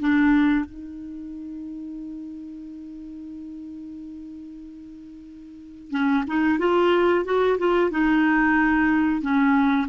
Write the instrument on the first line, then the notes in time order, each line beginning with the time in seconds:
clarinet
0.00 D4
0.66 D#4
5.91 C#4
6.28 D#4
6.59 F4
7.25 F#4
7.59 F4
7.91 D#4
9.22 C#4